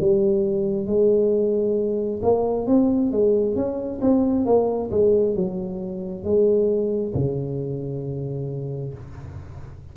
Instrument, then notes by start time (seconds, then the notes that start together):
tuba
0.00 G3
0.86 G#3
2.22 A#3
2.67 C4
3.11 G#3
3.55 C#4
4.01 C4
4.46 A#3
4.91 G#3
5.35 F#3
6.24 G#3
7.14 C#3